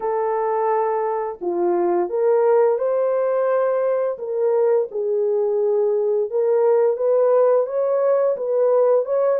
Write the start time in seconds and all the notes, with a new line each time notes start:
0.00 A4
1.41 F4
2.09 A#4
2.78 C5
4.18 A#4
4.91 G#4
6.30 A#4
6.96 B4
7.66 C#5
8.36 B4
9.05 C#5